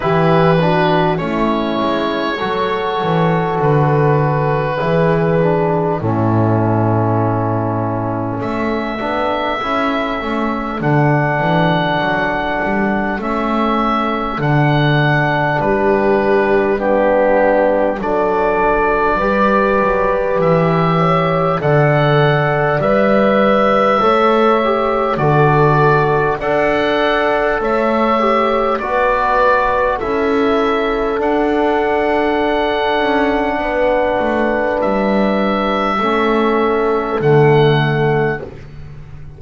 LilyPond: <<
  \new Staff \with { instrumentName = "oboe" } { \time 4/4 \tempo 4 = 50 b'4 cis''2 b'4~ | b'4 a'2 e''4~ | e''4 fis''2 e''4 | fis''4 b'4 g'4 d''4~ |
d''4 e''4 fis''4 e''4~ | e''4 d''4 fis''4 e''4 | d''4 e''4 fis''2~ | fis''4 e''2 fis''4 | }
  \new Staff \with { instrumentName = "horn" } { \time 4/4 g'8 fis'8 e'4 a'2 | gis'4 e'2 a'4~ | a'1~ | a'4 g'4 d'4 a'4 |
b'4. cis''8 d''2 | cis''4 a'4 d''4 cis''4 | b'4 a'2. | b'2 a'2 | }
  \new Staff \with { instrumentName = "trombone" } { \time 4/4 e'8 d'8 cis'4 fis'2 | e'8 d'8 cis'2~ cis'8 d'8 | e'8 cis'8 d'2 cis'4 | d'2 b4 d'4 |
g'2 a'4 b'4 | a'8 g'8 fis'4 a'4. g'8 | fis'4 e'4 d'2~ | d'2 cis'4 a4 | }
  \new Staff \with { instrumentName = "double bass" } { \time 4/4 e4 a8 gis8 fis8 e8 d4 | e4 a,2 a8 b8 | cis'8 a8 d8 e8 fis8 g8 a4 | d4 g2 fis4 |
g8 fis8 e4 d4 g4 | a4 d4 d'4 a4 | b4 cis'4 d'4. cis'8 | b8 a8 g4 a4 d4 | }
>>